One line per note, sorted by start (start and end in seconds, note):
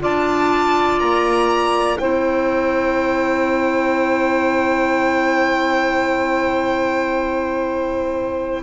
0.00 1.00 D4
0.00 1.97 F4
0.00 1.99 D5
0.00 1.00 A5
1.00 1.99 A#3
1.00 1.98 A#5
1.98 8.63 C4
1.98 8.63 E4
1.98 8.63 C5
1.98 8.62 G5